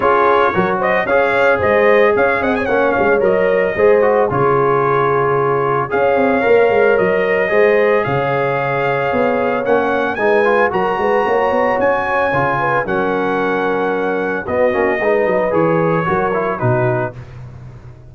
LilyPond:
<<
  \new Staff \with { instrumentName = "trumpet" } { \time 4/4 \tempo 4 = 112 cis''4. dis''8 f''4 dis''4 | f''8 fis''16 gis''16 fis''8 f''8 dis''2 | cis''2. f''4~ | f''4 dis''2 f''4~ |
f''2 fis''4 gis''4 | ais''2 gis''2 | fis''2. dis''4~ | dis''4 cis''2 b'4 | }
  \new Staff \with { instrumentName = "horn" } { \time 4/4 gis'4 ais'8 c''8 cis''4 c''4 | cis''8 dis''16 cis''2~ cis''16 c''4 | gis'2. cis''4~ | cis''2 c''4 cis''4~ |
cis''2. b'4 | ais'8 b'8 cis''2~ cis''8 b'8 | ais'2. fis'4 | b'2 ais'4 fis'4 | }
  \new Staff \with { instrumentName = "trombone" } { \time 4/4 f'4 fis'4 gis'2~ | gis'4 cis'4 ais'4 gis'8 fis'8 | f'2. gis'4 | ais'2 gis'2~ |
gis'2 cis'4 dis'8 f'8 | fis'2. f'4 | cis'2. b8 cis'8 | dis'4 gis'4 fis'8 e'8 dis'4 | }
  \new Staff \with { instrumentName = "tuba" } { \time 4/4 cis'4 fis4 cis'4 gis4 | cis'8 c'8 ais8 gis8 fis4 gis4 | cis2. cis'8 c'8 | ais8 gis8 fis4 gis4 cis4~ |
cis4 b4 ais4 gis4 | fis8 gis8 ais8 b8 cis'4 cis4 | fis2. b8 ais8 | gis8 fis8 e4 fis4 b,4 | }
>>